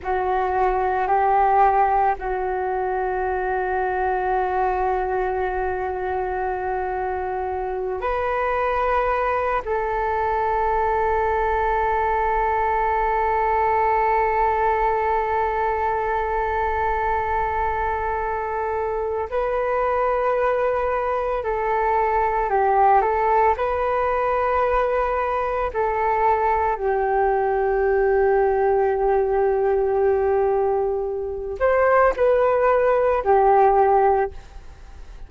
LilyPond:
\new Staff \with { instrumentName = "flute" } { \time 4/4 \tempo 4 = 56 fis'4 g'4 fis'2~ | fis'2.~ fis'8 b'8~ | b'4 a'2.~ | a'1~ |
a'2 b'2 | a'4 g'8 a'8 b'2 | a'4 g'2.~ | g'4. c''8 b'4 g'4 | }